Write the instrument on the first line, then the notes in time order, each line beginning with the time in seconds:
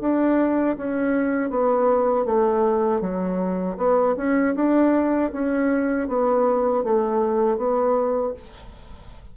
bassoon
0.00 D4
0.77 C#4
1.49 B3
2.25 A3
3.00 F#3
3.77 B3
4.16 C#4
4.55 D4
5.32 C#4
6.08 B3
6.83 A3
7.57 B3